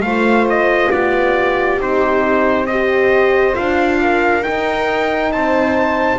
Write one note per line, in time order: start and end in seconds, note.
0.00 0.88 A3
0.00 0.93 C5
0.00 0.46 F5
0.06 1.79 F4
0.49 0.92 D#5
0.92 1.78 B3
0.92 2.68 G4
0.92 1.80 D5
1.78 3.55 C4
1.78 2.67 D#4
1.78 2.67 C5
2.67 3.54 G4
2.67 4.00 C5
2.67 3.55 D#5
3.54 4.46 D4
3.54 4.42 F4
3.54 4.43 F5
4.01 5.33 A#4
4.42 6.18 D#4
4.42 5.32 G5
4.48 5.33 D#4
5.32 6.19 C4
5.32 6.19 C5
5.32 6.19 A5